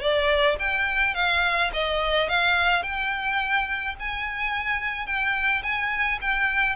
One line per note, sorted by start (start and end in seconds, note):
0.00 0.56 D5
0.59 1.14 G5
1.14 1.70 F5
1.73 2.29 D#5
2.29 2.82 F5
2.82 3.95 G5
3.99 5.06 G#5
5.06 5.62 G5
5.62 6.18 G#5
6.21 6.75 G5